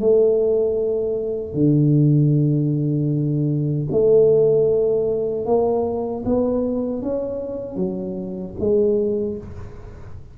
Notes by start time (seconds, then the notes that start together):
0.00 A3
1.54 D3
3.91 A3
5.45 A#3
6.25 B3
7.02 C#4
7.76 F#3
8.59 G#3